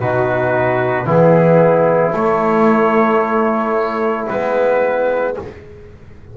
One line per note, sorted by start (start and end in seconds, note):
0.00 1.07 B2
0.00 1.06 D#4
0.00 1.07 F#4
0.00 1.07 B4
1.06 2.13 E3
1.06 2.13 B3
1.06 5.35 E4
1.06 2.15 G#4
2.13 4.27 A3
2.13 4.29 A3
2.13 4.28 C#5
4.28 5.37 G#3
4.28 5.36 B3
4.28 5.35 B4